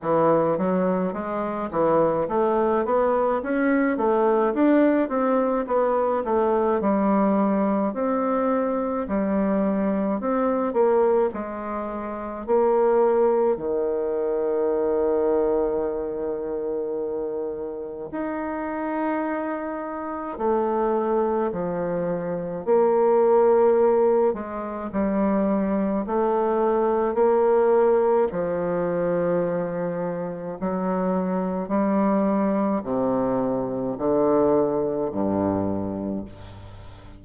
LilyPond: \new Staff \with { instrumentName = "bassoon" } { \time 4/4 \tempo 4 = 53 e8 fis8 gis8 e8 a8 b8 cis'8 a8 | d'8 c'8 b8 a8 g4 c'4 | g4 c'8 ais8 gis4 ais4 | dis1 |
dis'2 a4 f4 | ais4. gis8 g4 a4 | ais4 f2 fis4 | g4 c4 d4 g,4 | }